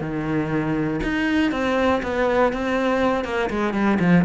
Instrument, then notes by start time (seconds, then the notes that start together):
cello
0.00 D#3
1.03 D#4
1.51 C4
2.02 B3
2.52 C4
3.24 A#3
3.50 G#3
3.73 G3
3.99 F3